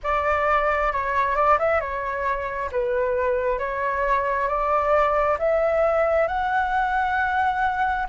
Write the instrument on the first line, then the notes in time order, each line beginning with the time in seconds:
flute
0.03 D5
0.92 C#5
1.35 D5
1.58 E5
1.80 C#5
2.71 B4
3.58 C#5
4.48 D5
5.38 E5
6.27 F#5